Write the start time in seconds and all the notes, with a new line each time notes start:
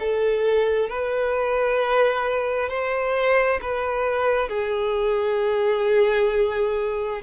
0.00 A4
0.89 B4
2.69 C5
3.62 B4
4.49 G#4